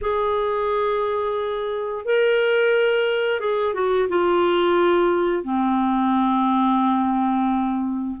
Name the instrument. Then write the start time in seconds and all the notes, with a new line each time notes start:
clarinet
0.01 G#4
2.05 A#4
3.39 G#4
3.74 F#4
4.08 F4
5.43 C4